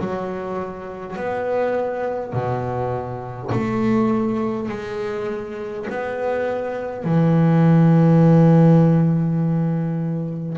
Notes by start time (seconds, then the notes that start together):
0.00 F#3
1.17 B3
2.34 B2
3.52 A3
4.70 G#3
5.90 B3
7.05 E3